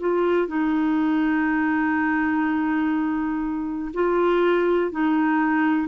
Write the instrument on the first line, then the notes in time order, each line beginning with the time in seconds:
clarinet
0.00 F4
0.47 D#4
3.94 F4
4.91 D#4